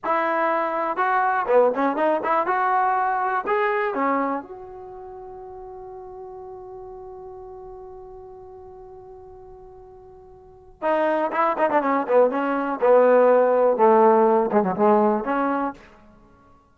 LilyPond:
\new Staff \with { instrumentName = "trombone" } { \time 4/4 \tempo 4 = 122 e'2 fis'4 b8 cis'8 | dis'8 e'8 fis'2 gis'4 | cis'4 fis'2.~ | fis'1~ |
fis'1~ | fis'2 dis'4 e'8 dis'16 d'16 | cis'8 b8 cis'4 b2 | a4. gis16 fis16 gis4 cis'4 | }